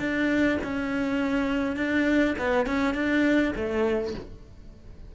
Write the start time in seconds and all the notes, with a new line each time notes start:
0.00 D4
0.64 C#4
1.77 D4
2.39 B3
2.67 C#4
2.95 D4
3.56 A3